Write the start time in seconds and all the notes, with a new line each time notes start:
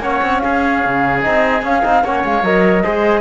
0.00 A#3 C#4 C#5 F#5
0.23 C4
0.40 C#4 G#4 F5
0.86 C#3
1.22 C4 D#4 D#5
1.63 C#4 F5
1.83 C4 D#4
2.03 A#3 C#4 C#5 F#5
2.25 G#3 F5
2.43 F#3 A#4 D#5
2.83 G#3 G#4 C5